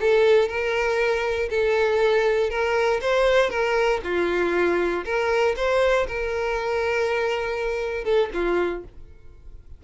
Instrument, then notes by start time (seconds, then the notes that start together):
violin
0.00 A4
0.48 A#4
1.50 A4
2.50 A#4
3.01 C5
3.50 A#4
4.03 F4
5.04 A#4
5.56 C5
6.07 A#4
8.04 A4
8.33 F4